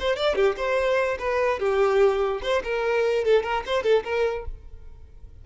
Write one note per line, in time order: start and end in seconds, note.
0.00 0.16 C5
0.16 0.36 D5
0.36 0.56 G4
0.57 1.18 C5
1.19 1.60 B4
1.60 2.41 G4
2.43 2.63 C5
2.64 3.25 A#4
3.25 3.43 A4
3.43 3.64 A#4
3.66 3.83 C5
3.83 4.04 A4
4.05 4.45 A#4